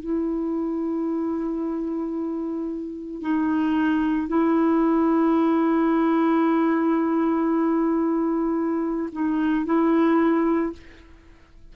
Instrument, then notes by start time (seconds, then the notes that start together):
clarinet
0.00 E4
3.21 D#4
4.28 E4
9.12 D#4
9.65 E4